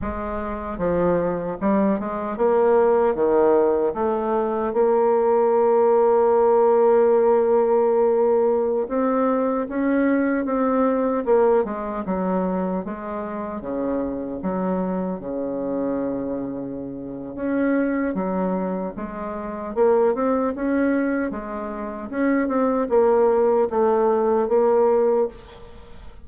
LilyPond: \new Staff \with { instrumentName = "bassoon" } { \time 4/4 \tempo 4 = 76 gis4 f4 g8 gis8 ais4 | dis4 a4 ais2~ | ais2.~ ais16 c'8.~ | c'16 cis'4 c'4 ais8 gis8 fis8.~ |
fis16 gis4 cis4 fis4 cis8.~ | cis2 cis'4 fis4 | gis4 ais8 c'8 cis'4 gis4 | cis'8 c'8 ais4 a4 ais4 | }